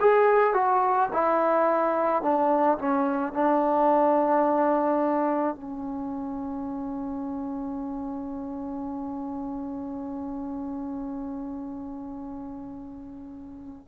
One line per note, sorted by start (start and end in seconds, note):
0.00 0.54 G#4
0.54 1.09 F#4
1.13 2.22 E4
2.22 2.78 D4
2.78 3.33 C#4
3.33 5.55 D4
5.55 13.88 C#4